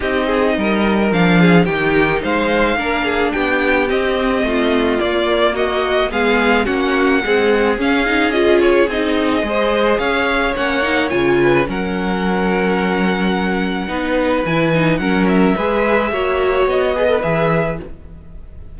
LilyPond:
<<
  \new Staff \with { instrumentName = "violin" } { \time 4/4 \tempo 4 = 108 dis''2 f''4 g''4 | f''2 g''4 dis''4~ | dis''4 d''4 dis''4 f''4 | fis''2 f''4 dis''8 cis''8 |
dis''2 f''4 fis''4 | gis''4 fis''2.~ | fis''2 gis''4 fis''8 e''8~ | e''2 dis''4 e''4 | }
  \new Staff \with { instrumentName = "violin" } { \time 4/4 g'8 gis'8 ais'4. gis'8 g'4 | c''4 ais'8 gis'8 g'2 | f'2 fis'4 gis'4 | fis'4 gis'2.~ |
gis'4 c''4 cis''2~ | cis''8 b'8 ais'2.~ | ais'4 b'2 ais'4 | b'4 cis''4. b'4. | }
  \new Staff \with { instrumentName = "viola" } { \time 4/4 dis'2 d'4 dis'4~ | dis'4 d'2 c'4~ | c'4 ais2 b4 | cis'4 gis4 cis'8 dis'8 f'4 |
dis'4 gis'2 cis'8 dis'8 | f'4 cis'2.~ | cis'4 dis'4 e'8 dis'8 cis'4 | gis'4 fis'4. gis'16 a'16 gis'4 | }
  \new Staff \with { instrumentName = "cello" } { \time 4/4 c'4 g4 f4 dis4 | gis4 ais4 b4 c'4 | a4 ais2 gis4 | ais4 c'4 cis'2 |
c'4 gis4 cis'4 ais4 | cis4 fis2.~ | fis4 b4 e4 fis4 | gis4 ais4 b4 e4 | }
>>